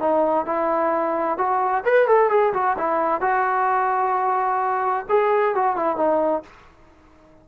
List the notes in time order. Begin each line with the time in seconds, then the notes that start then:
0.00 D#4
0.46 E4
1.38 F#4
1.85 B4
2.08 A4
2.30 G#4
2.54 F#4
2.78 E4
3.21 F#4
5.09 G#4
5.55 F#4
5.76 E4
5.97 D#4